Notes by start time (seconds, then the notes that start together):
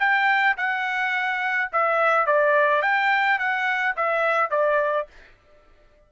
0.00 G5
0.57 F#5
1.72 E5
2.27 D5
2.82 G5
3.39 F#5
3.96 E5
4.51 D5